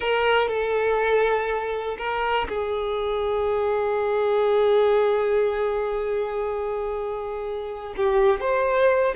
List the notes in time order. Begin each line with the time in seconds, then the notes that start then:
0.00 A#4
0.48 A4
1.97 A#4
2.48 G#4
7.97 G4
8.40 C5